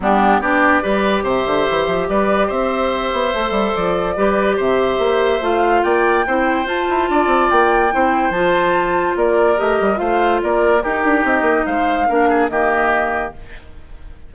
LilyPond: <<
  \new Staff \with { instrumentName = "flute" } { \time 4/4 \tempo 4 = 144 g'4 d''2 e''4~ | e''4 d''4 e''2~ | e''4 d''2 e''4~ | e''4 f''4 g''2 |
a''2 g''2 | a''2 d''4 dis''4 | f''4 d''4 ais'4 dis''4 | f''2 dis''2 | }
  \new Staff \with { instrumentName = "oboe" } { \time 4/4 d'4 g'4 b'4 c''4~ | c''4 b'4 c''2~ | c''2 b'4 c''4~ | c''2 d''4 c''4~ |
c''4 d''2 c''4~ | c''2 ais'2 | c''4 ais'4 g'2 | c''4 ais'8 gis'8 g'2 | }
  \new Staff \with { instrumentName = "clarinet" } { \time 4/4 b4 d'4 g'2~ | g'1 | a'2 g'2~ | g'4 f'2 e'4 |
f'2. e'4 | f'2. g'4 | f'2 dis'2~ | dis'4 d'4 ais2 | }
  \new Staff \with { instrumentName = "bassoon" } { \time 4/4 g4 b4 g4 c8 d8 | e8 f8 g4 c'4. b8 | a8 g8 f4 g4 c4 | ais4 a4 ais4 c'4 |
f'8 e'8 d'8 c'8 ais4 c'4 | f2 ais4 a8 g8 | a4 ais4 dis'8 d'8 c'8 ais8 | gis4 ais4 dis2 | }
>>